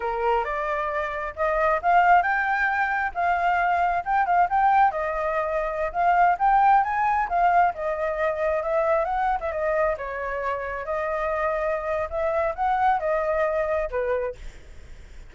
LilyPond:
\new Staff \with { instrumentName = "flute" } { \time 4/4 \tempo 4 = 134 ais'4 d''2 dis''4 | f''4 g''2 f''4~ | f''4 g''8 f''8 g''4 dis''4~ | dis''4~ dis''16 f''4 g''4 gis''8.~ |
gis''16 f''4 dis''2 e''8.~ | e''16 fis''8. e''16 dis''4 cis''4.~ cis''16~ | cis''16 dis''2~ dis''8. e''4 | fis''4 dis''2 b'4 | }